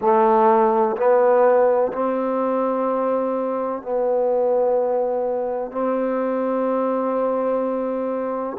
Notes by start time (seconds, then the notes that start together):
0.01 A3
0.96 B3
1.92 C4
3.82 B3
5.71 C4